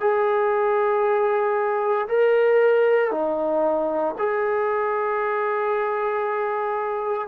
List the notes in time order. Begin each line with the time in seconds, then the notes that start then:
0.00 G#4
2.08 A#4
3.11 D#4
4.18 G#4